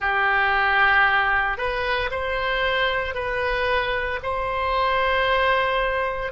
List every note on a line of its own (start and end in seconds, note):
0.00 1.57 G4
1.57 2.10 B4
2.11 3.14 C5
3.14 4.19 B4
4.22 6.32 C5